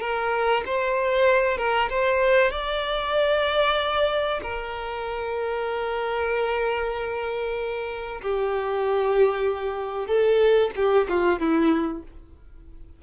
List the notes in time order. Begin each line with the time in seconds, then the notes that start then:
0.00 A#4
0.65 C5
1.57 A#4
1.90 C5
2.51 D5
4.42 A#4
8.22 G4
10.07 A4
10.75 G4
11.09 F4
11.39 E4